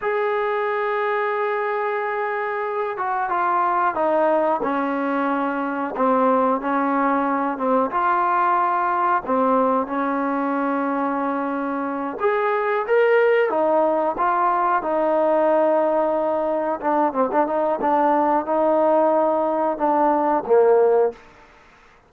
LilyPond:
\new Staff \with { instrumentName = "trombone" } { \time 4/4 \tempo 4 = 91 gis'1~ | gis'8 fis'8 f'4 dis'4 cis'4~ | cis'4 c'4 cis'4. c'8 | f'2 c'4 cis'4~ |
cis'2~ cis'8 gis'4 ais'8~ | ais'8 dis'4 f'4 dis'4.~ | dis'4. d'8 c'16 d'16 dis'8 d'4 | dis'2 d'4 ais4 | }